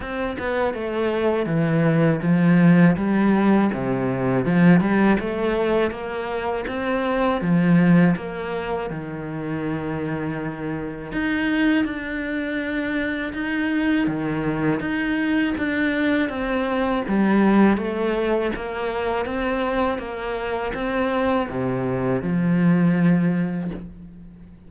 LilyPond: \new Staff \with { instrumentName = "cello" } { \time 4/4 \tempo 4 = 81 c'8 b8 a4 e4 f4 | g4 c4 f8 g8 a4 | ais4 c'4 f4 ais4 | dis2. dis'4 |
d'2 dis'4 dis4 | dis'4 d'4 c'4 g4 | a4 ais4 c'4 ais4 | c'4 c4 f2 | }